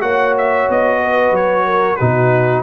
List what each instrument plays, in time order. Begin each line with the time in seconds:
0.00 tuba A#3, trombone F#4, horn C#5, trumpet F#5
0.37 trumpet E5
0.69 tuba B3, trumpet D#5
1.02 horn B4
1.31 tuba F#3, trumpet C#5
1.65 horn A#4
1.95 tuba B2, trombone D#4, horn F#4, trumpet B4